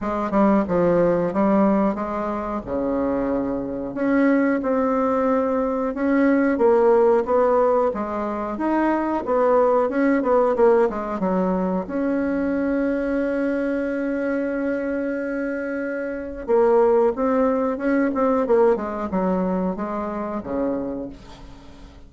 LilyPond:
\new Staff \with { instrumentName = "bassoon" } { \time 4/4 \tempo 4 = 91 gis8 g8 f4 g4 gis4 | cis2 cis'4 c'4~ | c'4 cis'4 ais4 b4 | gis4 dis'4 b4 cis'8 b8 |
ais8 gis8 fis4 cis'2~ | cis'1~ | cis'4 ais4 c'4 cis'8 c'8 | ais8 gis8 fis4 gis4 cis4 | }